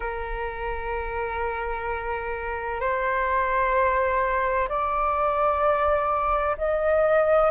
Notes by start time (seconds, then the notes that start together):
0.00 A#4
2.80 C5
4.69 D5
6.57 D#5